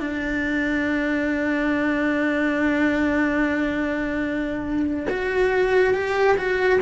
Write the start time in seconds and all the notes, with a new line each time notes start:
0.00 D4
5.10 F#4
5.95 G4
6.38 F#4